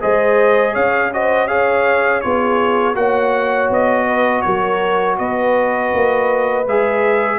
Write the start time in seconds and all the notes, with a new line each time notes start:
0.00 G#3 G#4 C5 D#5
0.72 C#4 C#5 F5
1.13 F#4 C5 D#5
1.47 G#4 C#5 F5
2.21 B3 F4 G#4 C#5
2.94 A#3 F#4 C#5 F#5
3.69 B3 D#5
4.06 B4
4.41 F#3 A#4 C#5
5.17 B3 B4 D#5
5.94 A#3
6.66 G#3 G#4 E5